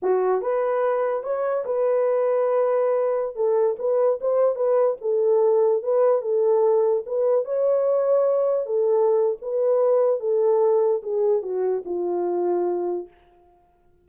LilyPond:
\new Staff \with { instrumentName = "horn" } { \time 4/4 \tempo 4 = 147 fis'4 b'2 cis''4 | b'1~ | b'16 a'4 b'4 c''4 b'8.~ | b'16 a'2 b'4 a'8.~ |
a'4~ a'16 b'4 cis''4.~ cis''16~ | cis''4~ cis''16 a'4.~ a'16 b'4~ | b'4 a'2 gis'4 | fis'4 f'2. | }